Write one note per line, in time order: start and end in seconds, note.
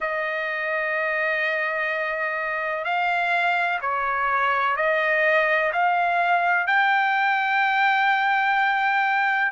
0.00 2.84 D#5
2.84 3.79 F5
3.81 4.76 C#5
4.76 5.71 D#5
5.72 6.66 F5
6.66 9.52 G5